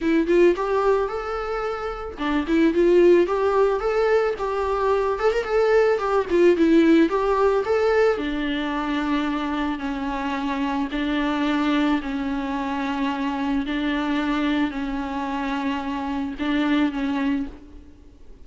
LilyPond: \new Staff \with { instrumentName = "viola" } { \time 4/4 \tempo 4 = 110 e'8 f'8 g'4 a'2 | d'8 e'8 f'4 g'4 a'4 | g'4. a'16 ais'16 a'4 g'8 f'8 | e'4 g'4 a'4 d'4~ |
d'2 cis'2 | d'2 cis'2~ | cis'4 d'2 cis'4~ | cis'2 d'4 cis'4 | }